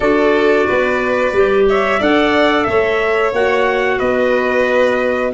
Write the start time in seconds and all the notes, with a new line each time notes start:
0.00 D4 F#4 A4 D5
0.66 B3 B4
1.32 G3 G4
1.69 C#5 E5
1.99 D4 A4 D5 F#5
2.63 A3 C#5 E5
3.32 A#3 F#4 F#5
3.98 B3 B4 D#5